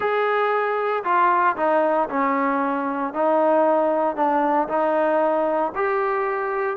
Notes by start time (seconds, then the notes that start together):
0.00 G#4
1.04 F4
1.56 D#4
2.09 C#4
3.13 D#4
4.15 D4
4.68 D#4
5.75 G4